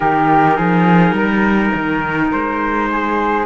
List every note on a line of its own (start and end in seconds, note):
0.00 0.57 D#3
0.00 3.45 D#4
0.00 0.56 G4
0.00 2.28 A#4
0.56 1.12 F3
0.56 1.14 G#4
1.12 1.70 G3
1.12 2.88 A#4
1.74 2.32 D#3
2.31 3.45 G#3
2.31 3.45 C5
2.89 3.45 G#4